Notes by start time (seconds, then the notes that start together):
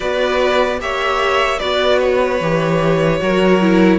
0.00 B3 F#4 B4 D5
0.80 A#3 G4 C#5 E5
1.59 B3 F#4 B4 D5
1.99 C#5
2.40 E3 G4
3.20 F#3 F#4 A#4
3.60 E4